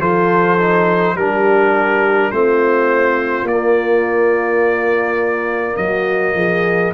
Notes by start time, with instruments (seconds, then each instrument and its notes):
0.00 tuba F3, trombone F4, horn A4, trumpet C5
0.59 trombone D#4
1.15 tuba G3, trombone D4, horn G4, trumpet A#4
2.31 tuba A3, trombone C4, horn F4, trumpet C5
3.42 tuba A#3, trombone A#3, trumpet D5
5.76 tuba F#3, horn F#4, trumpet D#5
6.34 tuba F3, horn G#4